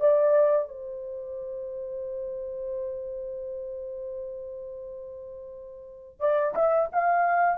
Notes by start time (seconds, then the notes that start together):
0.00 D5
0.68 C5
6.20 D5
6.55 E5
6.92 F5